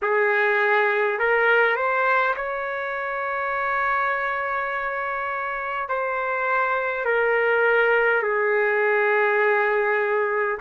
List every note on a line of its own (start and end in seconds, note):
0.02 1.19 G#4
1.19 1.75 A#4
1.75 2.34 C5
2.36 5.88 C#5
5.88 7.05 C5
7.05 8.22 A#4
8.22 10.58 G#4